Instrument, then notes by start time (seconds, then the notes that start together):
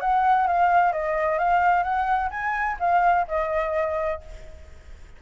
flute
0.00 F#5
0.47 F5
0.92 D#5
1.38 F5
1.83 F#5
2.30 G#5
2.80 F5
3.27 D#5